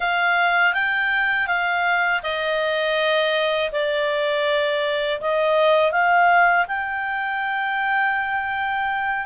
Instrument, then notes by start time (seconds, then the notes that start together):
clarinet
0.00 F5
0.73 G5
1.47 F5
2.22 D#5
3.72 D5
5.20 D#5
5.91 F5
6.67 G5